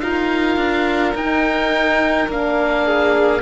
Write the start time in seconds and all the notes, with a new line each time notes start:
0.00 D#4 F4 A#4 F5
0.56 D4
1.15 D#4 G5
2.28 A#3 D4 F5
2.85 G#4